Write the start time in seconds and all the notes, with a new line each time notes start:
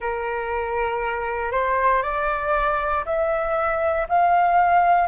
0.00 A#4
1.51 C5
2.02 D5
3.05 E5
4.09 F5